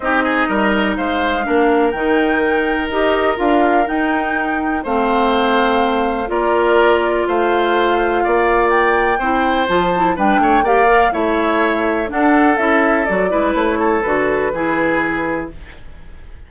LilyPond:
<<
  \new Staff \with { instrumentName = "flute" } { \time 4/4 \tempo 4 = 124 dis''2 f''2 | g''2 dis''4 f''4 | g''2 f''2~ | f''4 d''2 f''4~ |
f''2 g''2 | a''4 g''4 f''4 e''4~ | e''4 fis''4 e''4 d''4 | cis''4 b'2. | }
  \new Staff \with { instrumentName = "oboe" } { \time 4/4 g'8 gis'8 ais'4 c''4 ais'4~ | ais'1~ | ais'2 c''2~ | c''4 ais'2 c''4~ |
c''4 d''2 c''4~ | c''4 b'8 cis''8 d''4 cis''4~ | cis''4 a'2~ a'8 b'8~ | b'8 a'4. gis'2 | }
  \new Staff \with { instrumentName = "clarinet" } { \time 4/4 dis'2. d'4 | dis'2 g'4 f'4 | dis'2 c'2~ | c'4 f'2.~ |
f'2. e'4 | f'8 e'8 d'4 g'8 ais'8 e'4~ | e'4 d'4 e'4 fis'8 e'8~ | e'4 fis'4 e'2 | }
  \new Staff \with { instrumentName = "bassoon" } { \time 4/4 c'4 g4 gis4 ais4 | dis2 dis'4 d'4 | dis'2 a2~ | a4 ais2 a4~ |
a4 ais2 c'4 | f4 g8 a8 ais4 a4~ | a4 d'4 cis'4 fis8 gis8 | a4 d4 e2 | }
>>